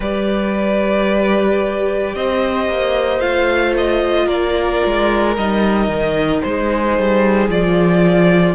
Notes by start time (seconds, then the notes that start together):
0.00 G3 G4 B4 D5
2.15 C4 C5 D#5
2.68 A#3
3.19 A3 F4 F5
3.77 D#5
4.25 A#3 A#4 D5
4.85 G#3
5.37 G3 D#4 D#5
5.87 D#3
6.41 G#3 G#4 C5
6.98 G3
7.48 F3 F4 D5